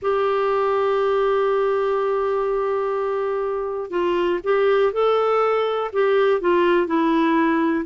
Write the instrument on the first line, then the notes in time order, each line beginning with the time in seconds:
clarinet
0.02 G4
3.90 F4
4.43 G4
4.92 A4
5.92 G4
6.40 F4
6.86 E4